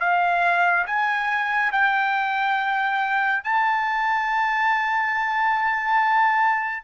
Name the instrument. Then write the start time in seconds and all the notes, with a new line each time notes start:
trumpet
0.00 F5
0.86 G#5
1.72 G5
3.44 A5